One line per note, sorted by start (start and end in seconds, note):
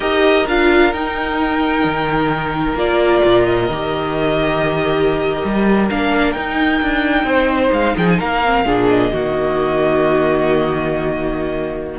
0.00 0.45 D#4
0.00 0.46 G4
0.00 7.26 A#4
0.00 0.46 D#5
0.46 0.92 D4
0.46 0.93 F4
0.46 0.92 F5
0.92 1.84 D#4
0.92 2.76 D#4
0.92 2.77 G5
1.84 2.74 D#3
2.74 3.20 A#3
2.74 3.68 F4
2.74 3.45 D5
3.24 3.69 A#2
3.45 5.87 D#5
3.69 5.42 D#3
3.69 5.90 G4
5.44 5.90 G3
5.90 6.35 A#3
5.90 6.35 D4
5.90 6.32 F5
6.32 8.43 D#4
6.32 6.81 D#4
6.32 7.71 G5
6.82 7.24 D4
7.24 7.70 C4
7.24 7.96 C5
7.72 7.95 G#3
7.72 7.96 F5
7.97 8.20 F3
7.97 8.18 G#4
7.97 8.09 G5
8.09 8.20 G#5
8.18 8.65 A#3
8.18 8.64 A#4
8.18 8.88 F5
8.44 8.66 C4
8.65 9.11 A#2
8.65 9.12 D4
8.65 9.12 G#4
8.88 11.98 D#5
9.12 11.98 D#3
9.12 11.98 A#3
9.12 11.98 F#4